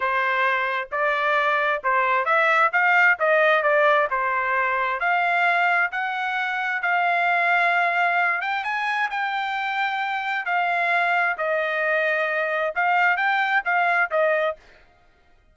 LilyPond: \new Staff \with { instrumentName = "trumpet" } { \time 4/4 \tempo 4 = 132 c''2 d''2 | c''4 e''4 f''4 dis''4 | d''4 c''2 f''4~ | f''4 fis''2 f''4~ |
f''2~ f''8 g''8 gis''4 | g''2. f''4~ | f''4 dis''2. | f''4 g''4 f''4 dis''4 | }